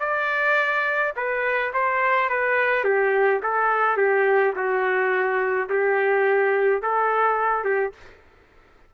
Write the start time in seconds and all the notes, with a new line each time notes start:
0.00 D5
1.16 B4
1.74 C5
2.30 B4
2.85 G4
3.43 A4
3.98 G4
4.56 F#4
5.70 G4
6.82 A4
7.65 G4